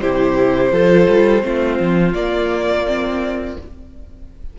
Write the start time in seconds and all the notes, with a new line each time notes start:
0.00 C3 E4 G4 C5
0.71 F3 F4 A4
1.08 G3
1.42 A3 C4 F4
1.79 F3
2.13 A#3 D5
2.86 C4